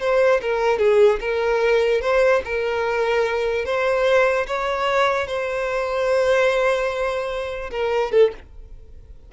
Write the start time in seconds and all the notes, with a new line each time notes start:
0.00 C5
0.41 A#4
0.79 G#4
1.20 A#4
2.01 C5
2.45 A#4
3.65 C5
4.46 C#5
5.27 C5
7.71 A#4
8.11 A4